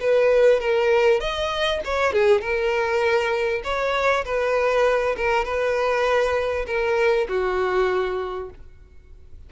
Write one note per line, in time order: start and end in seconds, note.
0.00 0.60 B4
0.60 1.20 A#4
1.20 1.80 D#5
1.84 2.12 C#5
2.12 2.41 G#4
2.41 3.62 A#4
3.64 4.24 C#5
4.25 5.15 B4
5.17 5.44 A#4
5.44 6.66 B4
6.66 7.27 A#4
7.28 8.50 F#4